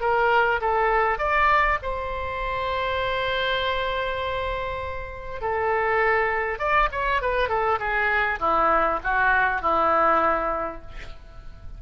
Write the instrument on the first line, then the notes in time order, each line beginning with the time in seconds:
oboe
0.00 A#4
0.60 A4
1.18 D5
1.82 C5
5.41 A4
6.58 D5
6.91 C#5
7.21 B4
7.48 A4
7.79 G#4
8.39 E4
9.03 F#4
9.61 E4